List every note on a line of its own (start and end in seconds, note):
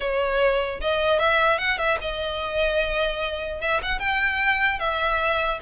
0.00 0.80 C#5
0.80 1.19 D#5
1.19 1.58 E5
1.58 1.78 F#5
1.78 1.98 E5
2.01 3.60 D#5
3.60 3.80 E5
3.82 3.99 F#5
3.99 4.79 G5
4.79 5.59 E5